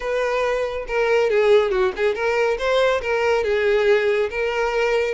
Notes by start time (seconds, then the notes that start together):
0.00 B4
0.87 A#4
1.30 G#4
1.71 F#4
1.96 G#4
2.14 A#4
2.58 C5
3.01 A#4
3.44 G#4
4.30 A#4